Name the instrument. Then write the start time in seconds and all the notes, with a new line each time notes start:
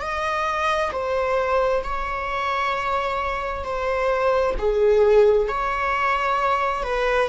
viola
0.00 D#5
0.92 C5
1.83 C#5
3.64 C5
4.58 G#4
5.48 C#5
6.83 B4